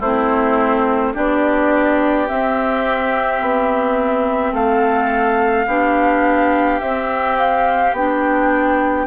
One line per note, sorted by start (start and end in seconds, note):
0.00 1.13 A3
0.00 1.15 C4
0.00 1.13 E4
0.00 1.15 C5
1.14 2.30 B3
1.14 2.28 D4
1.14 4.53 G4
1.14 2.28 D5
2.28 5.68 C4
2.28 3.42 C4
2.28 4.54 E5
3.42 4.53 B3
4.53 5.67 A3
4.53 5.66 A4
4.53 6.80 F5
5.67 6.80 B3
5.67 6.82 D4
5.67 9.07 G4
6.80 7.93 C4
6.80 7.96 C4
6.80 7.37 E5
7.38 7.95 F5
7.93 9.07 B3
7.93 9.07 D4
7.93 9.07 G5